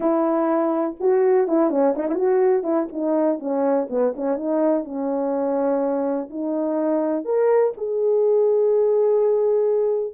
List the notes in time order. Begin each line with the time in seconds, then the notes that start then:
0.00 E4
1.00 F#4
1.47 E4
1.70 C#4
1.96 D#4
2.08 E4
2.14 F#4
2.63 E4
2.92 D#4
3.39 C#4
3.89 B3
4.15 C#4
4.36 D#4
4.84 C#4
6.30 D#4
7.24 A#4
7.77 G#4